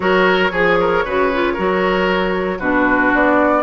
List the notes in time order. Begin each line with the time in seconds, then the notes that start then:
0.00 F#3 F#4 A#4 C#5
0.51 F3 G#4
0.80 A#4
1.04 C#3 F#4 B4
1.33 F4
1.53 F#3 F#4 A#4
2.59 B2 D4 F#4 B4
3.14 B3 D5